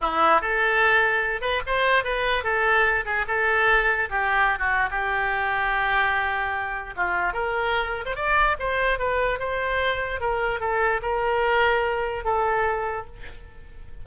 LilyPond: \new Staff \with { instrumentName = "oboe" } { \time 4/4 \tempo 4 = 147 e'4 a'2~ a'8 b'8 | c''4 b'4 a'4. gis'8 | a'2 g'4~ g'16 fis'8. | g'1~ |
g'4 f'4 ais'4.~ ais'16 c''16 | d''4 c''4 b'4 c''4~ | c''4 ais'4 a'4 ais'4~ | ais'2 a'2 | }